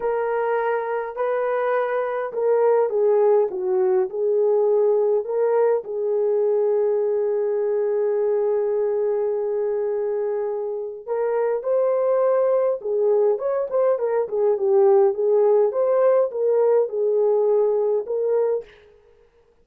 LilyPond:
\new Staff \with { instrumentName = "horn" } { \time 4/4 \tempo 4 = 103 ais'2 b'2 | ais'4 gis'4 fis'4 gis'4~ | gis'4 ais'4 gis'2~ | gis'1~ |
gis'2. ais'4 | c''2 gis'4 cis''8 c''8 | ais'8 gis'8 g'4 gis'4 c''4 | ais'4 gis'2 ais'4 | }